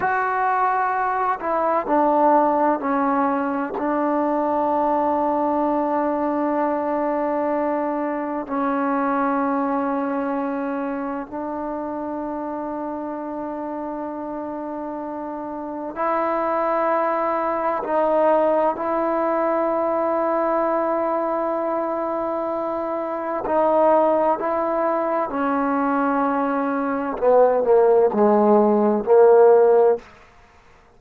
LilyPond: \new Staff \with { instrumentName = "trombone" } { \time 4/4 \tempo 4 = 64 fis'4. e'8 d'4 cis'4 | d'1~ | d'4 cis'2. | d'1~ |
d'4 e'2 dis'4 | e'1~ | e'4 dis'4 e'4 cis'4~ | cis'4 b8 ais8 gis4 ais4 | }